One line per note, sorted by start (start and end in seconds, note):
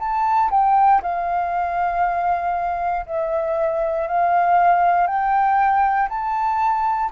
0.00 0.51 A5
0.51 1.02 G5
1.03 3.06 F5
3.06 4.08 E5
4.08 5.08 F5
5.08 6.09 G5
6.09 7.11 A5